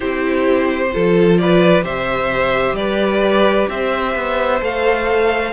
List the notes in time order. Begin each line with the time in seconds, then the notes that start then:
0.00 C4 E4 G4 C5
0.92 F3 F4 A4
1.37 B4 D5
1.82 C3 G4 C5 E5
2.72 G3 B4 D5
3.69 C4 C5 E5
4.15 B3
4.61 A3 A4 F5